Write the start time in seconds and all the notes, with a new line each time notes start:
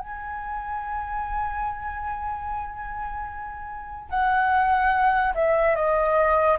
0.00 G#5
4.11 F#5
5.35 E5
5.76 D#5